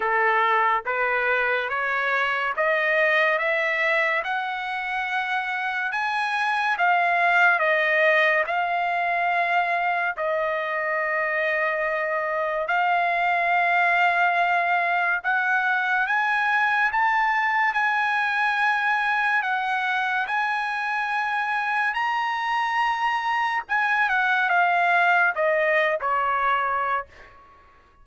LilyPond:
\new Staff \with { instrumentName = "trumpet" } { \time 4/4 \tempo 4 = 71 a'4 b'4 cis''4 dis''4 | e''4 fis''2 gis''4 | f''4 dis''4 f''2 | dis''2. f''4~ |
f''2 fis''4 gis''4 | a''4 gis''2 fis''4 | gis''2 ais''2 | gis''8 fis''8 f''4 dis''8. cis''4~ cis''16 | }